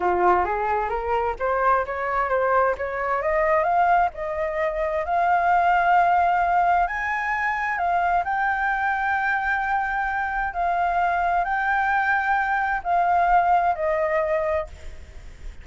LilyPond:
\new Staff \with { instrumentName = "flute" } { \time 4/4 \tempo 4 = 131 f'4 gis'4 ais'4 c''4 | cis''4 c''4 cis''4 dis''4 | f''4 dis''2 f''4~ | f''2. gis''4~ |
gis''4 f''4 g''2~ | g''2. f''4~ | f''4 g''2. | f''2 dis''2 | }